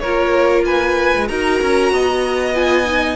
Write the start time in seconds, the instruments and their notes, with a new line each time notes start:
0.00 cello A#3, viola F4, violin A#4 C#5
0.65 violin B4 G#5
1.16 cello G#3
1.28 cello D#4, viola F#4, violin A#4 A#5
1.62 cello C#4
1.92 cello B3, violin D#5
2.55 viola F4, violin G#5
2.85 viola D#4